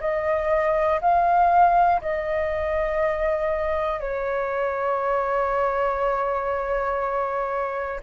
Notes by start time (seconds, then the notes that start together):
0.00 D#5
1.01 F5
2.01 D#5
4.00 C#5